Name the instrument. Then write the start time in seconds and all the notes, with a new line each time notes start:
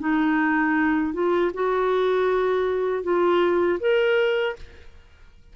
clarinet
0.00 D#4
1.14 F4
1.54 F#4
3.03 F4
3.80 A#4